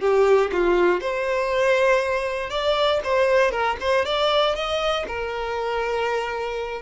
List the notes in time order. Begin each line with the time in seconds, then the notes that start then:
0.00 G4
0.52 F4
1.01 C5
2.50 D5
3.04 C5
3.51 A#4
3.80 C5
4.05 D5
4.55 D#5
5.07 A#4